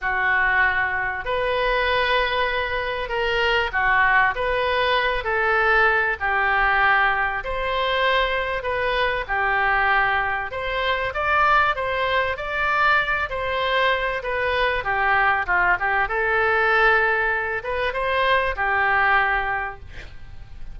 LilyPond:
\new Staff \with { instrumentName = "oboe" } { \time 4/4 \tempo 4 = 97 fis'2 b'2~ | b'4 ais'4 fis'4 b'4~ | b'8 a'4. g'2 | c''2 b'4 g'4~ |
g'4 c''4 d''4 c''4 | d''4. c''4. b'4 | g'4 f'8 g'8 a'2~ | a'8 b'8 c''4 g'2 | }